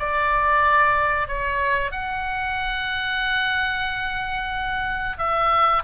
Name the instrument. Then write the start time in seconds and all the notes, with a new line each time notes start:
oboe
0.00 D5
1.28 C#5
1.92 F#5
5.18 E5